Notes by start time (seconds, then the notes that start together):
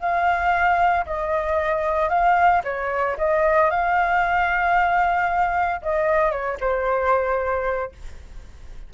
0.00 F5
1.06 D#5
2.09 F5
2.64 C#5
3.18 D#5
3.70 F5
5.82 D#5
6.31 C#5
6.61 C5